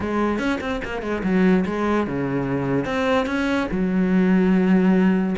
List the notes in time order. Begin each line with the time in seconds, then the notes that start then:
0.00 G#3
0.38 C#4
0.60 C4
0.84 A#3
1.02 G#3
1.23 F#3
1.65 G#3
2.06 C#3
2.85 C4
3.26 C#4
3.71 F#3